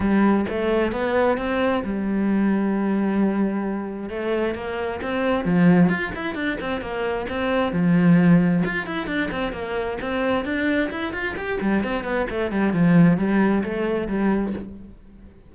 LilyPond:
\new Staff \with { instrumentName = "cello" } { \time 4/4 \tempo 4 = 132 g4 a4 b4 c'4 | g1~ | g4 a4 ais4 c'4 | f4 f'8 e'8 d'8 c'8 ais4 |
c'4 f2 f'8 e'8 | d'8 c'8 ais4 c'4 d'4 | e'8 f'8 g'8 g8 c'8 b8 a8 g8 | f4 g4 a4 g4 | }